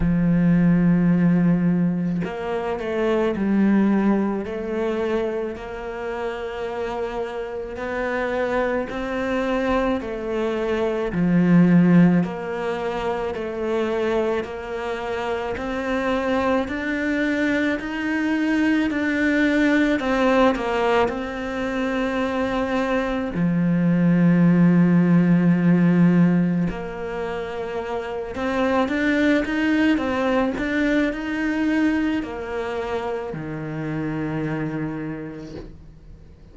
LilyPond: \new Staff \with { instrumentName = "cello" } { \time 4/4 \tempo 4 = 54 f2 ais8 a8 g4 | a4 ais2 b4 | c'4 a4 f4 ais4 | a4 ais4 c'4 d'4 |
dis'4 d'4 c'8 ais8 c'4~ | c'4 f2. | ais4. c'8 d'8 dis'8 c'8 d'8 | dis'4 ais4 dis2 | }